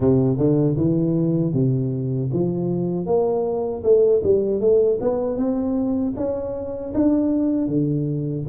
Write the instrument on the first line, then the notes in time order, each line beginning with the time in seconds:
tuba
0.00 C3
0.37 D3
0.76 E3
1.53 C3
2.32 F3
3.06 A#3
3.83 A3
4.23 G3
4.60 A3
5.00 B3
5.36 C4
6.16 C#4
6.94 D4
7.67 D3